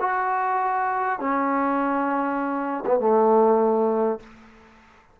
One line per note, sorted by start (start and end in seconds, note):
0.00 1.19 F#4
1.19 2.84 C#4
2.86 3.00 B3
3.00 4.20 A3